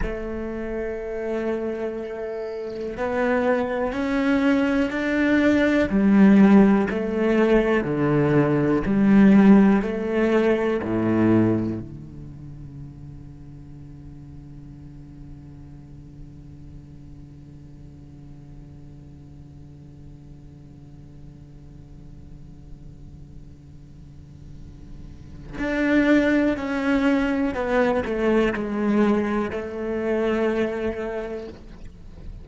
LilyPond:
\new Staff \with { instrumentName = "cello" } { \time 4/4 \tempo 4 = 61 a2. b4 | cis'4 d'4 g4 a4 | d4 g4 a4 a,4 | d1~ |
d1~ | d1~ | d2 d'4 cis'4 | b8 a8 gis4 a2 | }